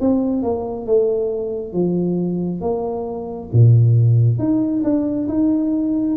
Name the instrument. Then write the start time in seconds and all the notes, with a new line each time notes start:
tuba
0.00 C4
0.42 A#3
0.86 A3
1.73 F3
2.61 A#3
3.53 A#2
4.38 D#4
4.83 D4
5.28 D#4